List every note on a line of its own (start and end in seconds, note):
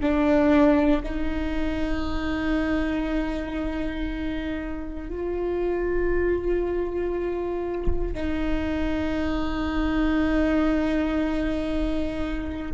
0.00 1.02 D4
1.03 5.09 D#4
5.09 8.14 F4
8.14 12.71 D#4